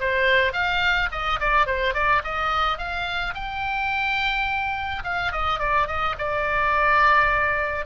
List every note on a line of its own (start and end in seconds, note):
0.00 0.53 C5
0.53 1.09 F5
1.11 1.39 D#5
1.40 1.66 D5
1.66 1.94 C5
1.94 2.22 D5
2.24 2.78 D#5
2.78 3.34 F5
3.34 5.03 G5
5.04 5.32 F5
5.32 5.59 D#5
5.59 5.87 D5
5.87 6.15 D#5
6.18 7.85 D5